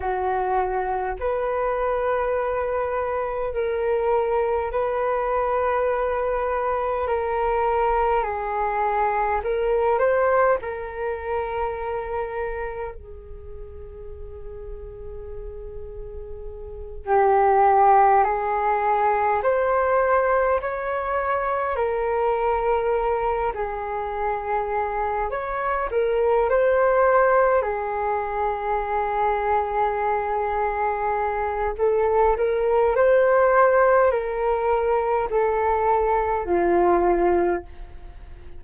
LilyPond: \new Staff \with { instrumentName = "flute" } { \time 4/4 \tempo 4 = 51 fis'4 b'2 ais'4 | b'2 ais'4 gis'4 | ais'8 c''8 ais'2 gis'4~ | gis'2~ gis'8 g'4 gis'8~ |
gis'8 c''4 cis''4 ais'4. | gis'4. cis''8 ais'8 c''4 gis'8~ | gis'2. a'8 ais'8 | c''4 ais'4 a'4 f'4 | }